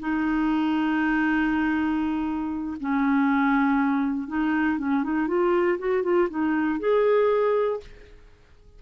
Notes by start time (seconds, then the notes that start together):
0.00 D#4
2.80 C#4
4.28 D#4
4.79 C#4
5.04 D#4
5.28 F4
5.79 F#4
6.03 F4
6.30 D#4
6.80 G#4